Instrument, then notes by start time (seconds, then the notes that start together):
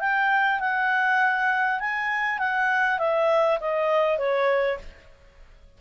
clarinet
0.00 G5
0.60 F#5
1.80 G#5
2.39 F#5
2.99 E5
3.60 D#5
4.18 C#5